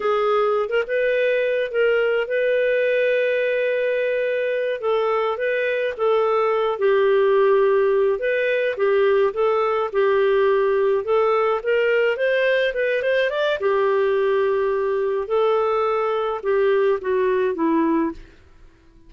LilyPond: \new Staff \with { instrumentName = "clarinet" } { \time 4/4 \tempo 4 = 106 gis'4~ gis'16 ais'16 b'4. ais'4 | b'1~ | b'8 a'4 b'4 a'4. | g'2~ g'8 b'4 g'8~ |
g'8 a'4 g'2 a'8~ | a'8 ais'4 c''4 b'8 c''8 d''8 | g'2. a'4~ | a'4 g'4 fis'4 e'4 | }